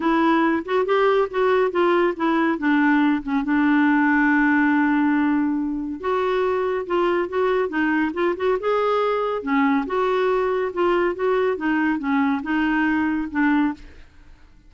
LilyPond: \new Staff \with { instrumentName = "clarinet" } { \time 4/4 \tempo 4 = 140 e'4. fis'8 g'4 fis'4 | f'4 e'4 d'4. cis'8 | d'1~ | d'2 fis'2 |
f'4 fis'4 dis'4 f'8 fis'8 | gis'2 cis'4 fis'4~ | fis'4 f'4 fis'4 dis'4 | cis'4 dis'2 d'4 | }